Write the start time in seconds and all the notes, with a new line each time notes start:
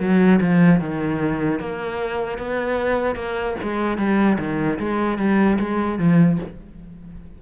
0.00 F#3
0.41 F3
0.80 D#3
1.60 A#3
2.39 B3
3.16 A#3
3.63 G#3
3.98 G3
4.39 D#3
4.79 G#3
5.18 G3
5.60 G#3
5.99 F3